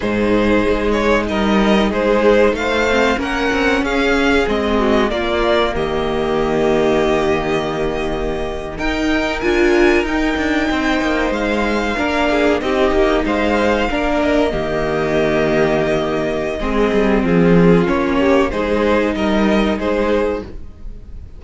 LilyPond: <<
  \new Staff \with { instrumentName = "violin" } { \time 4/4 \tempo 4 = 94 c''4. cis''8 dis''4 c''4 | f''4 fis''4 f''4 dis''4 | d''4 dis''2.~ | dis''4.~ dis''16 g''4 gis''4 g''16~ |
g''4.~ g''16 f''2 dis''16~ | dis''8. f''4. dis''4.~ dis''16~ | dis''2. gis'4 | cis''4 c''4 dis''4 c''4 | }
  \new Staff \with { instrumentName = "violin" } { \time 4/4 gis'2 ais'4 gis'4 | c''4 ais'4 gis'4. fis'8 | f'4 g'2.~ | g'4.~ g'16 ais'2~ ais'16~ |
ais'8. c''2 ais'8 gis'8 g'16~ | g'8. c''4 ais'4 g'4~ g'16~ | g'2 gis'4 f'4~ | f'8 g'8 gis'4 ais'4 gis'4 | }
  \new Staff \with { instrumentName = "viola" } { \time 4/4 dis'1~ | dis'8 c'8 cis'2 c'4 | ais1~ | ais4.~ ais16 dis'4 f'4 dis'16~ |
dis'2~ dis'8. d'4 dis'16~ | dis'4.~ dis'16 d'4 ais4~ ais16~ | ais2 c'2 | cis'4 dis'2. | }
  \new Staff \with { instrumentName = "cello" } { \time 4/4 gis,4 gis4 g4 gis4 | a4 ais8 c'8 cis'4 gis4 | ais4 dis2.~ | dis4.~ dis16 dis'4 d'4 dis'16~ |
dis'16 d'8 c'8 ais8 gis4 ais4 c'16~ | c'16 ais8 gis4 ais4 dis4~ dis16~ | dis2 gis8 g8 f4 | ais4 gis4 g4 gis4 | }
>>